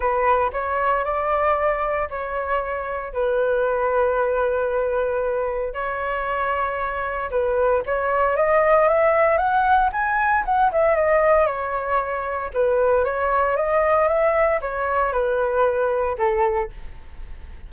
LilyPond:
\new Staff \with { instrumentName = "flute" } { \time 4/4 \tempo 4 = 115 b'4 cis''4 d''2 | cis''2 b'2~ | b'2. cis''4~ | cis''2 b'4 cis''4 |
dis''4 e''4 fis''4 gis''4 | fis''8 e''8 dis''4 cis''2 | b'4 cis''4 dis''4 e''4 | cis''4 b'2 a'4 | }